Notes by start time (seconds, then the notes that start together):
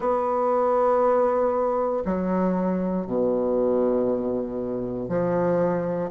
0.00 B3
2.05 F#3
3.06 B2
5.08 F3